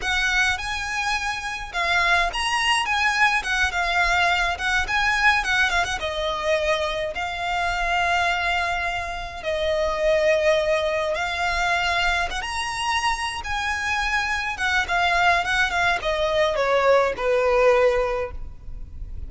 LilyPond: \new Staff \with { instrumentName = "violin" } { \time 4/4 \tempo 4 = 105 fis''4 gis''2 f''4 | ais''4 gis''4 fis''8 f''4. | fis''8 gis''4 fis''8 f''16 fis''16 dis''4.~ | dis''8 f''2.~ f''8~ |
f''8 dis''2. f''8~ | f''4. fis''16 ais''4.~ ais''16 gis''8~ | gis''4. fis''8 f''4 fis''8 f''8 | dis''4 cis''4 b'2 | }